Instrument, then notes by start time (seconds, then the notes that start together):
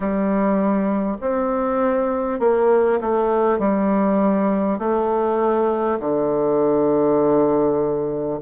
bassoon
0.00 G3
1.21 C4
2.39 A#3
3.01 A3
3.58 G3
4.78 A3
5.99 D3